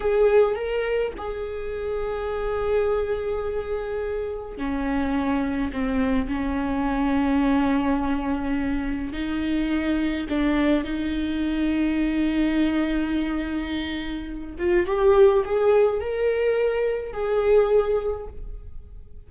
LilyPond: \new Staff \with { instrumentName = "viola" } { \time 4/4 \tempo 4 = 105 gis'4 ais'4 gis'2~ | gis'1 | cis'2 c'4 cis'4~ | cis'1 |
dis'2 d'4 dis'4~ | dis'1~ | dis'4. f'8 g'4 gis'4 | ais'2 gis'2 | }